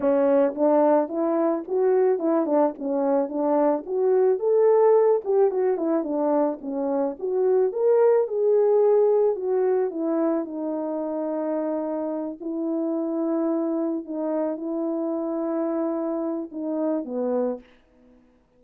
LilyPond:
\new Staff \with { instrumentName = "horn" } { \time 4/4 \tempo 4 = 109 cis'4 d'4 e'4 fis'4 | e'8 d'8 cis'4 d'4 fis'4 | a'4. g'8 fis'8 e'8 d'4 | cis'4 fis'4 ais'4 gis'4~ |
gis'4 fis'4 e'4 dis'4~ | dis'2~ dis'8 e'4.~ | e'4. dis'4 e'4.~ | e'2 dis'4 b4 | }